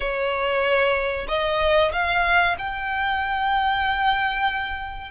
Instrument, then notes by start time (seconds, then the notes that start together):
violin
0.00 C#5
1.28 D#5
1.92 F5
2.58 G5